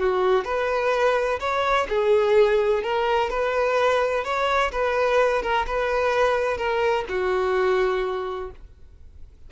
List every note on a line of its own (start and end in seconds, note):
0.00 0.45 F#4
0.45 1.40 B4
1.40 1.87 C#5
1.89 2.83 G#4
2.83 3.30 A#4
3.30 4.25 B4
4.25 4.72 C#5
4.72 5.43 B4
5.43 5.66 A#4
5.67 6.58 B4
6.58 7.05 A#4
7.09 8.51 F#4